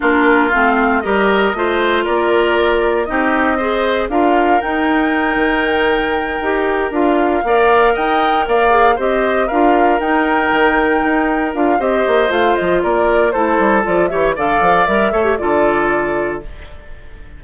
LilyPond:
<<
  \new Staff \with { instrumentName = "flute" } { \time 4/4 \tempo 4 = 117 ais'4 f''4 dis''2 | d''2 dis''2 | f''4 g''2.~ | g''4. f''2 g''8~ |
g''8 f''4 dis''4 f''4 g''8~ | g''2~ g''8 f''8 dis''4 | f''8 dis''8 d''4 c''4 d''8 e''8 | f''4 e''4 d''2 | }
  \new Staff \with { instrumentName = "oboe" } { \time 4/4 f'2 ais'4 c''4 | ais'2 g'4 c''4 | ais'1~ | ais'2~ ais'8 d''4 dis''8~ |
dis''8 d''4 c''4 ais'4.~ | ais'2. c''4~ | c''4 ais'4 a'4. cis''8 | d''4. cis''8 a'2 | }
  \new Staff \with { instrumentName = "clarinet" } { \time 4/4 d'4 c'4 g'4 f'4~ | f'2 dis'4 gis'4 | f'4 dis'2.~ | dis'8 g'4 f'4 ais'4.~ |
ais'4 gis'8 g'4 f'4 dis'8~ | dis'2~ dis'8 f'8 g'4 | f'2 e'4 f'8 g'8 | a'4 ais'8 a'16 g'16 f'2 | }
  \new Staff \with { instrumentName = "bassoon" } { \time 4/4 ais4 a4 g4 a4 | ais2 c'2 | d'4 dis'4. dis4.~ | dis8 dis'4 d'4 ais4 dis'8~ |
dis'8 ais4 c'4 d'4 dis'8~ | dis'8 dis4 dis'4 d'8 c'8 ais8 | a8 f8 ais4 a8 g8 f8 e8 | d8 f8 g8 a8 d2 | }
>>